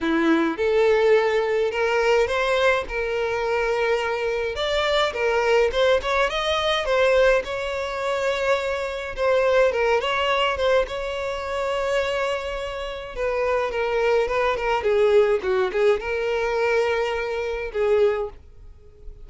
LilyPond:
\new Staff \with { instrumentName = "violin" } { \time 4/4 \tempo 4 = 105 e'4 a'2 ais'4 | c''4 ais'2. | d''4 ais'4 c''8 cis''8 dis''4 | c''4 cis''2. |
c''4 ais'8 cis''4 c''8 cis''4~ | cis''2. b'4 | ais'4 b'8 ais'8 gis'4 fis'8 gis'8 | ais'2. gis'4 | }